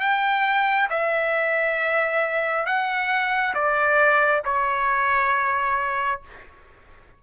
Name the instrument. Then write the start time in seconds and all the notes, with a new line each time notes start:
trumpet
0.00 G5
0.90 E5
2.66 F#5
3.55 D5
4.45 C#5